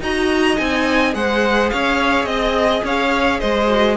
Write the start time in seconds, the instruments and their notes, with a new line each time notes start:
0.00 cello D#4, viola F#4, violin D#5 A#5
0.57 cello C4, viola D#4, violin G#5
1.13 cello G#3, viola G#4, violin C5 F#5
1.70 cello C#4, violin C#5 F5
2.24 cello C4, violin D#5
2.84 cello C#4, violin C#5 F5
3.39 cello G#3, violin C5 D#5
3.66 viola F#4